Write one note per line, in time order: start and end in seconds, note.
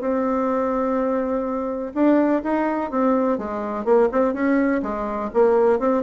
0.00 1.92 C4
1.94 2.42 D4
2.43 2.90 D#4
2.90 3.38 C4
3.38 3.84 G#3
3.84 4.08 A#3
4.11 4.33 C4
4.33 4.81 C#4
4.82 5.30 G#3
5.33 5.79 A#3
5.79 6.03 C4